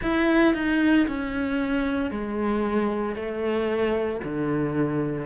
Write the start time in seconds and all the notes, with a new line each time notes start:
0.01 E4
0.54 D#4
1.07 C#4
2.11 G#3
3.15 A3
4.23 D3